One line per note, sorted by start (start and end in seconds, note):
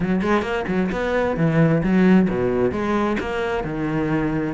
0.00 0.21 F#3
0.21 0.42 G#3
0.42 0.64 A#3
0.67 0.90 F#3
0.91 1.37 B3
1.37 1.82 E3
1.83 2.28 F#3
2.29 2.71 B2
2.71 3.17 G#3
3.19 3.64 A#3
3.64 4.54 D#3